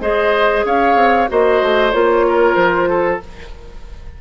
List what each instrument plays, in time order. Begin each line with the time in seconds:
0.00 bassoon G#3, clarinet G#4, oboe C5, flute D#5
0.64 bassoon C#4, oboe C#5, flute F5
0.95 bassoon C4
1.28 bassoon A#3, clarinet F#4, oboe C5, flute D#5
1.62 bassoon A3
1.91 bassoon A#3, clarinet F4, flute C#5
2.28 oboe A#4
2.55 bassoon F3, flute C5
2.89 oboe A4